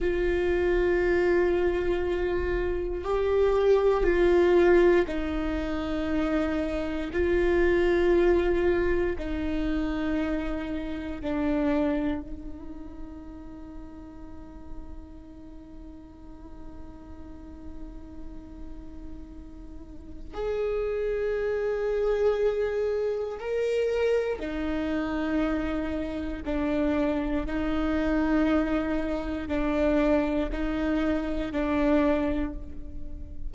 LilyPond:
\new Staff \with { instrumentName = "viola" } { \time 4/4 \tempo 4 = 59 f'2. g'4 | f'4 dis'2 f'4~ | f'4 dis'2 d'4 | dis'1~ |
dis'1 | gis'2. ais'4 | dis'2 d'4 dis'4~ | dis'4 d'4 dis'4 d'4 | }